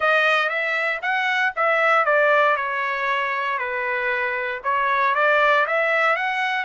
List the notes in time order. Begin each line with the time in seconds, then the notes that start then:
0.00 D#5
0.49 E5
1.01 F#5
1.56 E5
2.05 D5
2.56 C#5
3.58 B4
4.63 C#5
5.14 D5
5.66 E5
6.16 F#5